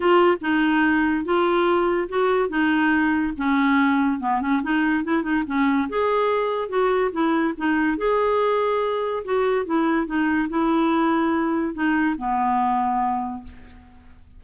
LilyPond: \new Staff \with { instrumentName = "clarinet" } { \time 4/4 \tempo 4 = 143 f'4 dis'2 f'4~ | f'4 fis'4 dis'2 | cis'2 b8 cis'8 dis'4 | e'8 dis'8 cis'4 gis'2 |
fis'4 e'4 dis'4 gis'4~ | gis'2 fis'4 e'4 | dis'4 e'2. | dis'4 b2. | }